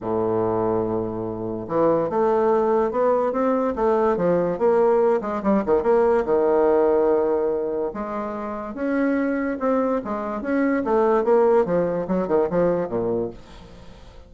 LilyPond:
\new Staff \with { instrumentName = "bassoon" } { \time 4/4 \tempo 4 = 144 a,1 | e4 a2 b4 | c'4 a4 f4 ais4~ | ais8 gis8 g8 dis8 ais4 dis4~ |
dis2. gis4~ | gis4 cis'2 c'4 | gis4 cis'4 a4 ais4 | f4 fis8 dis8 f4 ais,4 | }